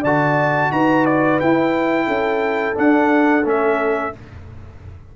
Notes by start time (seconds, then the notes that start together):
0.00 D3 F#4 D5 A5
0.71 D#4 B4 A#5
1.05 D5
1.40 E4 G5
2.06 C#4 A4
2.74 D4 F#5
3.44 A3 C#4 E5